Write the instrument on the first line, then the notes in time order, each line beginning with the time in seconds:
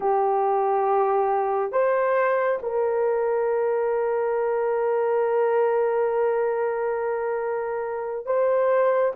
horn
0.00 G4
1.72 C5
2.62 A#4
8.26 C5